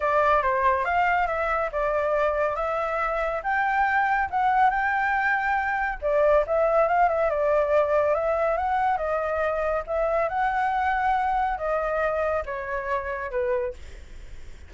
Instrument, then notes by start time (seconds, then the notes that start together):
flute
0.00 D5
0.42 C5
0.85 F5
1.27 E5
1.71 D5
2.55 E5
3.43 G5
4.30 F#5
4.70 G5
6.01 D5
6.47 E5
6.88 F5
7.09 E5
7.30 D5
8.14 E5
8.57 F#5
8.97 D#5
9.86 E5
10.29 F#5
11.57 D#5
12.45 C#5
13.30 B4